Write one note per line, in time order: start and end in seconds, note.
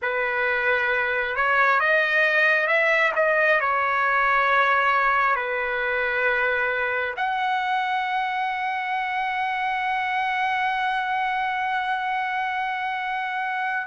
0.02 1.36 B4
1.36 1.80 C#5
1.80 2.67 D#5
2.67 3.12 E5
3.15 3.60 D#5
3.60 5.35 C#5
5.35 7.14 B4
7.16 13.87 F#5